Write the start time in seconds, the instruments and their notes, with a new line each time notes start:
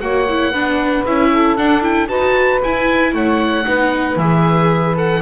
0.00 double bass A#3, viola F#4, saxophone C#5, oboe F#5
0.28 viola E4
0.50 double bass B3, viola D4, saxophone B4
1.05 double bass C#4, viola E4, oboe E5
1.32 saxophone A4
1.56 viola D4, double bass D4, oboe F#5
1.81 viola E4, oboe G5
2.07 double bass D#4, viola F#4, saxophone B4, oboe A5
2.63 double bass E4, viola E4, oboe G#5
3.13 double bass A3, saxophone C#5, oboe F#5
3.64 double bass B3, viola D#4, saxophone B4
4.16 double bass E3, viola G#4, oboe E5
4.96 viola A4, oboe F#5